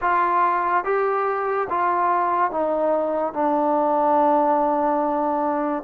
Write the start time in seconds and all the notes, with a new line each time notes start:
0.01 F4
0.84 G4
1.69 F4
2.51 D#4
3.33 D4